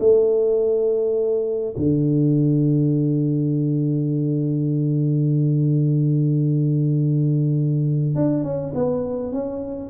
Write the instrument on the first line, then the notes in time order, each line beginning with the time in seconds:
tuba
0.00 A3
1.77 D3
8.16 D4
8.44 C#4
8.75 B3
9.33 C#4